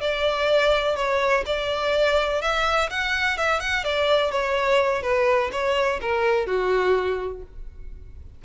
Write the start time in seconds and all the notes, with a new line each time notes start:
0.00 D5
0.96 C#5
1.46 D5
2.41 E5
2.90 F#5
3.37 E5
3.60 F#5
3.84 D5
4.31 C#5
5.02 B4
5.52 C#5
6.01 A#4
6.46 F#4